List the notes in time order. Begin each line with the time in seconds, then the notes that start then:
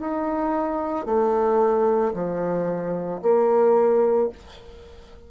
0.00 D#4
1.06 A3
2.14 F3
3.22 A#3